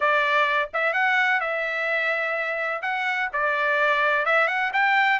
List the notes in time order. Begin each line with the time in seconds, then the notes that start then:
0.00 D5
0.73 E5
0.93 F#5
1.40 E5
2.82 F#5
3.32 D5
4.25 E5
4.47 F#5
4.73 G5